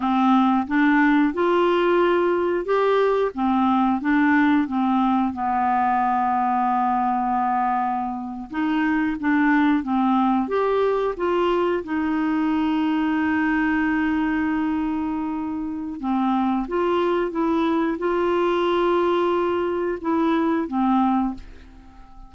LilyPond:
\new Staff \with { instrumentName = "clarinet" } { \time 4/4 \tempo 4 = 90 c'4 d'4 f'2 | g'4 c'4 d'4 c'4 | b1~ | b8. dis'4 d'4 c'4 g'16~ |
g'8. f'4 dis'2~ dis'16~ | dis'1 | c'4 f'4 e'4 f'4~ | f'2 e'4 c'4 | }